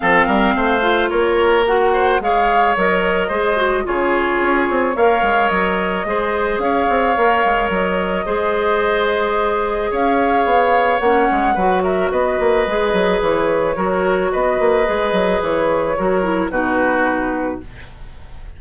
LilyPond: <<
  \new Staff \with { instrumentName = "flute" } { \time 4/4 \tempo 4 = 109 f''2 cis''4 fis''4 | f''4 dis''2 cis''4~ | cis''4 f''4 dis''2 | f''2 dis''2~ |
dis''2 f''2 | fis''4. e''8 dis''2 | cis''2 dis''2 | cis''2 b'2 | }
  \new Staff \with { instrumentName = "oboe" } { \time 4/4 a'8 ais'8 c''4 ais'4. c''8 | cis''2 c''4 gis'4~ | gis'4 cis''2 c''4 | cis''2. c''4~ |
c''2 cis''2~ | cis''4 b'8 ais'8 b'2~ | b'4 ais'4 b'2~ | b'4 ais'4 fis'2 | }
  \new Staff \with { instrumentName = "clarinet" } { \time 4/4 c'4. f'4. fis'4 | gis'4 ais'4 gis'8 fis'8 f'4~ | f'4 ais'2 gis'4~ | gis'4 ais'2 gis'4~ |
gis'1 | cis'4 fis'2 gis'4~ | gis'4 fis'2 gis'4~ | gis'4 fis'8 e'8 dis'2 | }
  \new Staff \with { instrumentName = "bassoon" } { \time 4/4 f8 g8 a4 ais2 | gis4 fis4 gis4 cis4 | cis'8 c'8 ais8 gis8 fis4 gis4 | cis'8 c'8 ais8 gis8 fis4 gis4~ |
gis2 cis'4 b4 | ais8 gis8 fis4 b8 ais8 gis8 fis8 | e4 fis4 b8 ais8 gis8 fis8 | e4 fis4 b,2 | }
>>